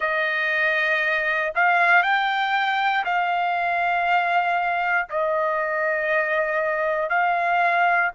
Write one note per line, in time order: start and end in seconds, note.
0.00 1.53 D#5
1.55 2.02 F5
2.02 3.04 G5
3.04 5.08 F5
5.09 7.09 D#5
7.09 8.11 F5